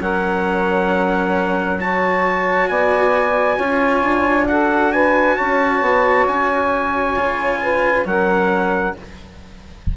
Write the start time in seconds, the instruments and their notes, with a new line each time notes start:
0.00 bassoon F#3, cello C#4, saxophone A#4, trumpet F#5
1.80 cello F#4, saxophone C#5, trumpet A5
2.68 bassoon B3, saxophone D5, trumpet G#5
3.57 bassoon C#4, cello F4, saxophone C#5
4.03 bassoon D4
4.48 cello F#4, saxophone A4, trumpet F#5
4.93 saxophone B4, trumpet G#5
5.36 bassoon C#4, saxophone C#5, trumpet A5
5.81 bassoon B3
6.27 bassoon C#4, trumpet G#5
7.16 bassoon C#3, cello F4
7.62 saxophone B4
8.05 bassoon F#3, cello C#4, saxophone A#4, trumpet F#5